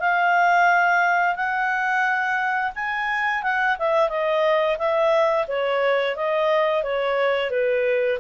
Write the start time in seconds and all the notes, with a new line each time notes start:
0.00 F5
1.36 F#5
2.76 G#5
3.43 F#5
3.79 E5
4.09 D#5
4.79 E5
5.48 C#5
6.16 D#5
6.83 C#5
7.51 B4